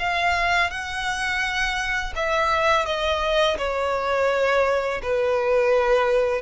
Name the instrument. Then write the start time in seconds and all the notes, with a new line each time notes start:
violin
0.00 F5
0.71 F#5
2.16 E5
2.86 D#5
3.59 C#5
5.03 B4